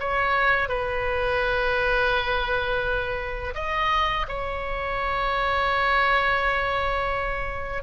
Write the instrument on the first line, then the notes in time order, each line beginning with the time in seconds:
oboe
0.00 C#5
0.69 B4
3.55 D#5
4.28 C#5